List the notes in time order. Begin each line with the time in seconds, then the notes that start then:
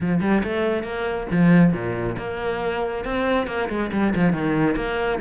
0.00 F3
0.21 G3
0.43 A3
0.83 A#3
1.31 F3
1.73 A#2
2.18 A#3
3.04 C4
3.46 A#3
3.69 G#3
3.92 G3
4.15 F3
4.32 D#3
4.75 A#3